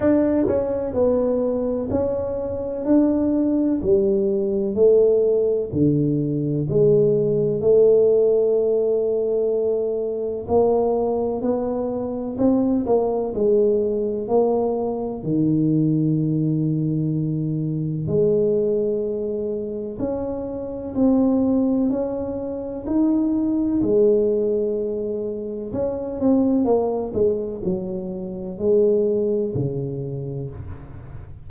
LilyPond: \new Staff \with { instrumentName = "tuba" } { \time 4/4 \tempo 4 = 63 d'8 cis'8 b4 cis'4 d'4 | g4 a4 d4 gis4 | a2. ais4 | b4 c'8 ais8 gis4 ais4 |
dis2. gis4~ | gis4 cis'4 c'4 cis'4 | dis'4 gis2 cis'8 c'8 | ais8 gis8 fis4 gis4 cis4 | }